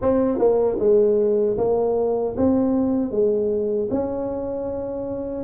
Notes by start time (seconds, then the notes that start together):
0.01 C4
0.38 A#3
0.79 G#3
1.57 A#3
2.36 C4
3.11 G#3
3.90 C#4